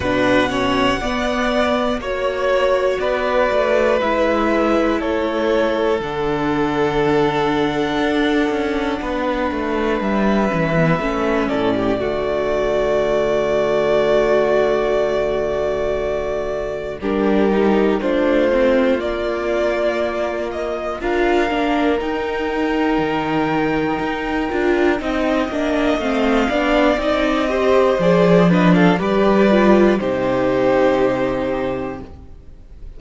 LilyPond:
<<
  \new Staff \with { instrumentName = "violin" } { \time 4/4 \tempo 4 = 60 fis''2 cis''4 d''4 | e''4 cis''4 fis''2~ | fis''2 e''4. d''8~ | d''1~ |
d''4 ais'4 c''4 d''4~ | d''8 dis''8 f''4 g''2~ | g''2 f''4 dis''4 | d''8 dis''16 f''16 d''4 c''2 | }
  \new Staff \with { instrumentName = "violin" } { \time 4/4 b'8 cis''8 d''4 cis''4 b'4~ | b'4 a'2.~ | a'4 b'2~ b'8 a'16 g'16 | fis'1~ |
fis'4 g'4 f'2~ | f'4 ais'2.~ | ais'4 dis''4. d''4 c''8~ | c''8 b'16 a'16 b'4 g'2 | }
  \new Staff \with { instrumentName = "viola" } { \time 4/4 d'8 cis'8 b4 fis'2 | e'2 d'2~ | d'2~ d'8 cis'16 b16 cis'4 | a1~ |
a4 d'8 dis'8 d'8 c'8 ais4~ | ais4 f'8 d'8 dis'2~ | dis'8 f'8 dis'8 d'8 c'8 d'8 dis'8 g'8 | gis'8 d'8 g'8 f'8 dis'2 | }
  \new Staff \with { instrumentName = "cello" } { \time 4/4 b,4 b4 ais4 b8 a8 | gis4 a4 d2 | d'8 cis'8 b8 a8 g8 e8 a8 a,8 | d1~ |
d4 g4 a4 ais4~ | ais4 d'8 ais8 dis'4 dis4 | dis'8 d'8 c'8 ais8 a8 b8 c'4 | f4 g4 c2 | }
>>